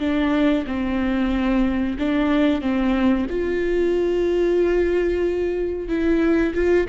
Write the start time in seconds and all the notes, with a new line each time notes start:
0.00 D4
0.67 C4
1.99 D4
2.61 C4
3.30 F4
5.88 E4
6.55 F4